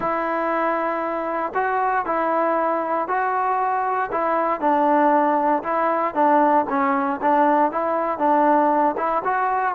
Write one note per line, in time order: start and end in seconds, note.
0.00 1.52 E4
1.54 2.05 F#4
2.05 3.07 E4
3.07 4.10 F#4
4.11 4.60 E4
4.60 5.62 D4
5.63 6.14 E4
6.14 6.65 D4
6.69 7.20 C#4
7.21 7.71 D4
7.71 8.18 E4
8.18 8.95 D4
8.97 9.22 E4
9.24 9.75 F#4